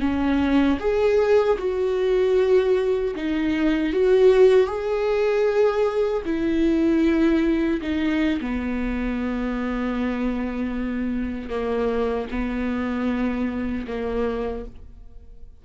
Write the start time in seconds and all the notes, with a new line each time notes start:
0.00 C#4
0.79 G#4
1.58 F#4
3.16 D#4
3.93 F#4
4.66 G#4
6.25 E4
7.82 D#4
8.41 B3
11.50 A#3
12.30 B3
13.87 A#3